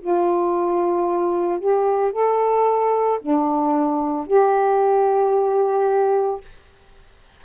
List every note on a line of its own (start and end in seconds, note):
0.00 1.60 F4
1.60 2.12 G4
2.12 3.19 A4
3.21 4.27 D4
4.27 6.41 G4